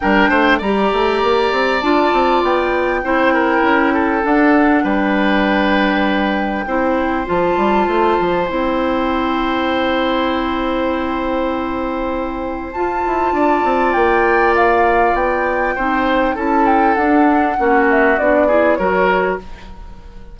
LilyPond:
<<
  \new Staff \with { instrumentName = "flute" } { \time 4/4 \tempo 4 = 99 g''4 ais''2 a''4 | g''2. fis''4 | g''1 | a''2 g''2~ |
g''1~ | g''4 a''2 g''4 | f''4 g''2 a''8 g''8 | fis''4. e''8 d''4 cis''4 | }
  \new Staff \with { instrumentName = "oboe" } { \time 4/4 ais'8 c''8 d''2.~ | d''4 c''8 ais'4 a'4. | b'2. c''4~ | c''1~ |
c''1~ | c''2 d''2~ | d''2 c''4 a'4~ | a'4 fis'4. gis'8 ais'4 | }
  \new Staff \with { instrumentName = "clarinet" } { \time 4/4 d'4 g'2 f'4~ | f'4 e'2 d'4~ | d'2. e'4 | f'2 e'2~ |
e'1~ | e'4 f'2.~ | f'2 dis'4 e'4 | d'4 cis'4 d'8 e'8 fis'4 | }
  \new Staff \with { instrumentName = "bassoon" } { \time 4/4 g8 a8 g8 a8 ais8 c'8 d'8 c'8 | b4 c'4 cis'4 d'4 | g2. c'4 | f8 g8 a8 f8 c'2~ |
c'1~ | c'4 f'8 e'8 d'8 c'8 ais4~ | ais4 b4 c'4 cis'4 | d'4 ais4 b4 fis4 | }
>>